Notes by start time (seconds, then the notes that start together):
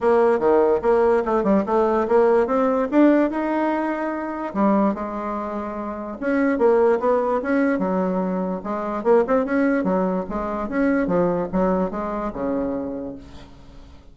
0.01 A#3
0.39 D#3
0.82 A#3
1.25 A3
1.43 G3
1.66 A3
2.08 A#3
2.47 C4
2.91 D4
3.30 D#4
4.54 G3
4.94 G#3
6.20 C#4
6.58 A#3
6.99 B3
7.42 C#4
7.78 F#3
8.63 G#3
9.03 A#3
9.27 C4
9.45 C#4
9.83 F#3
10.29 G#3
10.68 C#4
11.07 F3
11.52 F#3
11.90 G#3
12.33 C#3